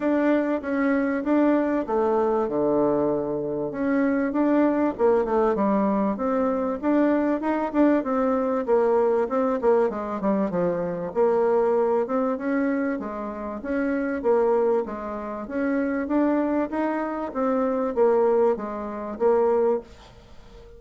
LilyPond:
\new Staff \with { instrumentName = "bassoon" } { \time 4/4 \tempo 4 = 97 d'4 cis'4 d'4 a4 | d2 cis'4 d'4 | ais8 a8 g4 c'4 d'4 | dis'8 d'8 c'4 ais4 c'8 ais8 |
gis8 g8 f4 ais4. c'8 | cis'4 gis4 cis'4 ais4 | gis4 cis'4 d'4 dis'4 | c'4 ais4 gis4 ais4 | }